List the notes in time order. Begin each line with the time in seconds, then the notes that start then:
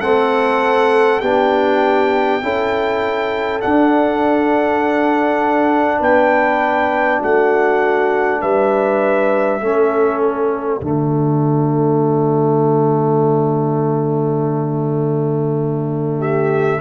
0.00 A3 C4 A4 F#5
1.19 B3 D4 G4 G5
2.41 C#4 E4 A4
3.60 D4 F#5
5.99 B3 B4 G5
7.19 A3 F#4 F#5
8.41 G3 B4 E5
9.61 A3 C#4 A4
10.21 D5
10.80 D3 A3 F#4
16.18 G4 E5